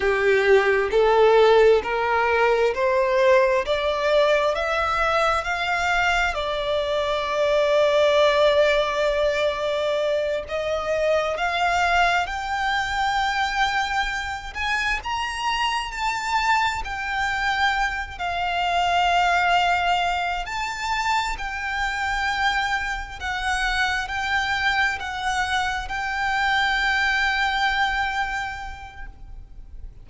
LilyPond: \new Staff \with { instrumentName = "violin" } { \time 4/4 \tempo 4 = 66 g'4 a'4 ais'4 c''4 | d''4 e''4 f''4 d''4~ | d''2.~ d''8 dis''8~ | dis''8 f''4 g''2~ g''8 |
gis''8 ais''4 a''4 g''4. | f''2~ f''8 a''4 g''8~ | g''4. fis''4 g''4 fis''8~ | fis''8 g''2.~ g''8 | }